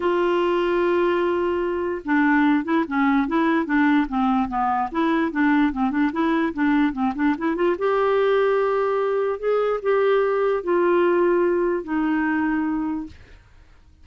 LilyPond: \new Staff \with { instrumentName = "clarinet" } { \time 4/4 \tempo 4 = 147 f'1~ | f'4 d'4. e'8 cis'4 | e'4 d'4 c'4 b4 | e'4 d'4 c'8 d'8 e'4 |
d'4 c'8 d'8 e'8 f'8 g'4~ | g'2. gis'4 | g'2 f'2~ | f'4 dis'2. | }